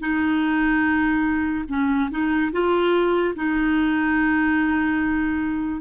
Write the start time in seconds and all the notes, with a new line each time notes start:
0.00 D#4
1.68 C#4
2.10 D#4
2.52 F4
3.35 D#4